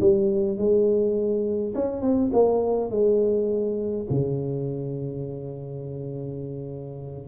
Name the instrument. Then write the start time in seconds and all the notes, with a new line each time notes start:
tuba
0.00 G3
0.57 G#3
1.74 C#4
2.01 C4
2.33 A#3
2.90 G#3
4.10 C#3